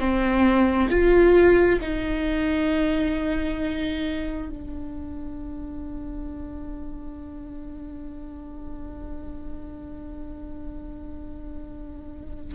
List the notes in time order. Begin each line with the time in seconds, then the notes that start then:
0.00 C4
0.90 F4
1.81 D#4
4.50 D4